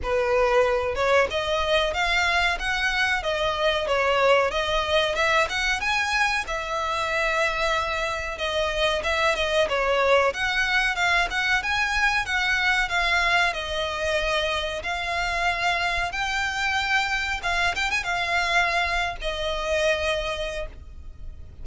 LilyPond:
\new Staff \with { instrumentName = "violin" } { \time 4/4 \tempo 4 = 93 b'4. cis''8 dis''4 f''4 | fis''4 dis''4 cis''4 dis''4 | e''8 fis''8 gis''4 e''2~ | e''4 dis''4 e''8 dis''8 cis''4 |
fis''4 f''8 fis''8 gis''4 fis''4 | f''4 dis''2 f''4~ | f''4 g''2 f''8 g''16 gis''16 | f''4.~ f''16 dis''2~ dis''16 | }